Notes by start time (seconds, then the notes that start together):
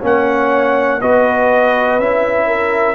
0.00 A#3 C#4 C#5 F#5
1.01 B3 F#4 B4 D#5
1.99 C#4 E4 E5
2.46 A#4